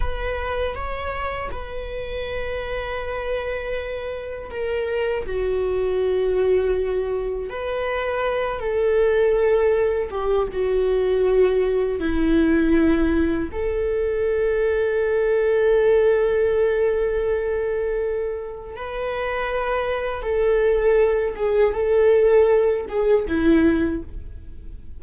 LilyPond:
\new Staff \with { instrumentName = "viola" } { \time 4/4 \tempo 4 = 80 b'4 cis''4 b'2~ | b'2 ais'4 fis'4~ | fis'2 b'4. a'8~ | a'4. g'8 fis'2 |
e'2 a'2~ | a'1~ | a'4 b'2 a'4~ | a'8 gis'8 a'4. gis'8 e'4 | }